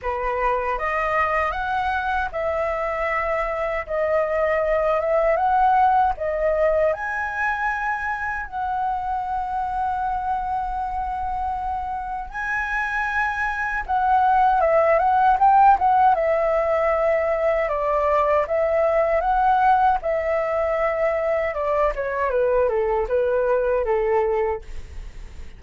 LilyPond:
\new Staff \with { instrumentName = "flute" } { \time 4/4 \tempo 4 = 78 b'4 dis''4 fis''4 e''4~ | e''4 dis''4. e''8 fis''4 | dis''4 gis''2 fis''4~ | fis''1 |
gis''2 fis''4 e''8 fis''8 | g''8 fis''8 e''2 d''4 | e''4 fis''4 e''2 | d''8 cis''8 b'8 a'8 b'4 a'4 | }